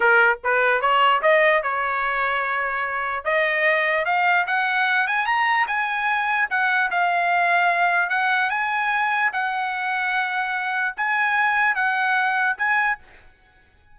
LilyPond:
\new Staff \with { instrumentName = "trumpet" } { \time 4/4 \tempo 4 = 148 ais'4 b'4 cis''4 dis''4 | cis''1 | dis''2 f''4 fis''4~ | fis''8 gis''8 ais''4 gis''2 |
fis''4 f''2. | fis''4 gis''2 fis''4~ | fis''2. gis''4~ | gis''4 fis''2 gis''4 | }